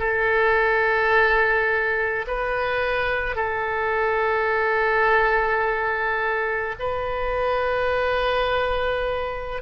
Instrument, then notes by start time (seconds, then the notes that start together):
oboe
0.00 A4
2.28 B4
3.36 A4
6.80 B4